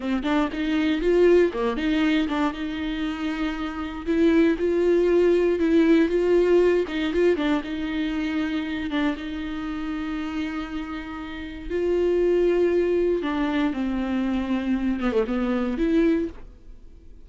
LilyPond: \new Staff \with { instrumentName = "viola" } { \time 4/4 \tempo 4 = 118 c'8 d'8 dis'4 f'4 ais8 dis'8~ | dis'8 d'8 dis'2. | e'4 f'2 e'4 | f'4. dis'8 f'8 d'8 dis'4~ |
dis'4. d'8 dis'2~ | dis'2. f'4~ | f'2 d'4 c'4~ | c'4. b16 a16 b4 e'4 | }